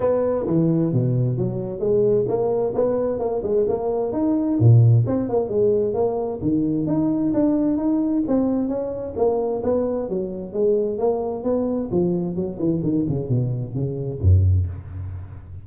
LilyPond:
\new Staff \with { instrumentName = "tuba" } { \time 4/4 \tempo 4 = 131 b4 e4 b,4 fis4 | gis4 ais4 b4 ais8 gis8 | ais4 dis'4 ais,4 c'8 ais8 | gis4 ais4 dis4 dis'4 |
d'4 dis'4 c'4 cis'4 | ais4 b4 fis4 gis4 | ais4 b4 f4 fis8 e8 | dis8 cis8 b,4 cis4 fis,4 | }